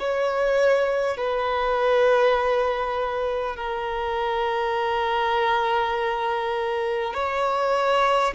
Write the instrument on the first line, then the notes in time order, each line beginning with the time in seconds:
violin
0.00 C#5
1.18 B4
3.57 A#4
7.15 C#5